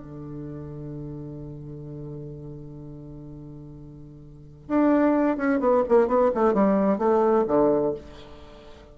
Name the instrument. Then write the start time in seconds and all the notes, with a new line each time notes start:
bassoon
0.00 D3
4.69 D4
5.37 C#4
5.60 B3
5.89 A#3
6.08 B3
6.35 A3
6.54 G3
6.99 A3
7.48 D3